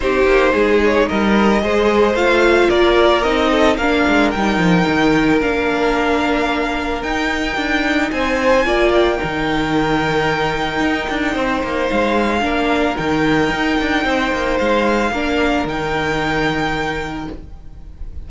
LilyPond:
<<
  \new Staff \with { instrumentName = "violin" } { \time 4/4 \tempo 4 = 111 c''4. cis''8 dis''2 | f''4 d''4 dis''4 f''4 | g''2 f''2~ | f''4 g''2 gis''4~ |
gis''8 g''2.~ g''8~ | g''2 f''2 | g''2. f''4~ | f''4 g''2. | }
  \new Staff \with { instrumentName = "violin" } { \time 4/4 g'4 gis'4 ais'4 c''4~ | c''4 ais'4. a'8 ais'4~ | ais'1~ | ais'2. c''4 |
d''4 ais'2.~ | ais'4 c''2 ais'4~ | ais'2 c''2 | ais'1 | }
  \new Staff \with { instrumentName = "viola" } { \time 4/4 dis'2. gis'4 | f'2 dis'4 d'4 | dis'2 d'2~ | d'4 dis'2. |
f'4 dis'2.~ | dis'2. d'4 | dis'1 | d'4 dis'2. | }
  \new Staff \with { instrumentName = "cello" } { \time 4/4 c'8 ais8 gis4 g4 gis4 | a4 ais4 c'4 ais8 gis8 | g8 f8 dis4 ais2~ | ais4 dis'4 d'4 c'4 |
ais4 dis2. | dis'8 d'8 c'8 ais8 gis4 ais4 | dis4 dis'8 d'8 c'8 ais8 gis4 | ais4 dis2. | }
>>